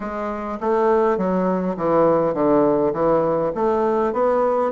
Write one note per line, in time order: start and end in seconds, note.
0.00 0.58 G#3
0.60 1.17 A3
1.17 1.76 F#3
1.76 2.34 E3
2.34 2.93 D3
2.93 3.52 E3
3.55 4.13 A3
4.13 4.71 B3